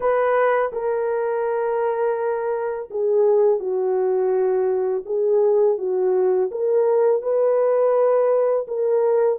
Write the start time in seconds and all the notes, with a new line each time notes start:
0.00 B4
0.72 A#4
2.90 G#4
3.59 F#4
5.05 G#4
5.77 F#4
6.51 A#4
7.22 B4
8.67 A#4